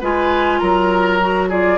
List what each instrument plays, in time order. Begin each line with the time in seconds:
0.00 bassoon G#3, clarinet F4, oboe B4, flute G#5
0.59 bassoon F#3, oboe A#4, flute A#5
1.21 clarinet F#4
1.49 clarinet F4, oboe G#4, flute D5